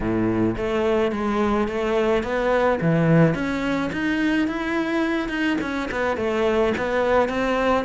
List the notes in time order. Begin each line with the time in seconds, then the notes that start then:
0.00 A2
0.57 A3
1.11 G#3
1.68 A3
2.23 B3
2.81 E3
3.34 C#4
3.92 D#4
4.47 E4
5.29 D#4
5.61 C#4
5.91 B3
6.17 A3
6.77 B3
7.28 C4